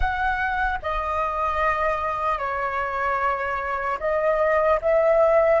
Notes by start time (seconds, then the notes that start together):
0.00 F#5
0.82 D#5
2.38 C#5
3.99 D#5
4.81 E5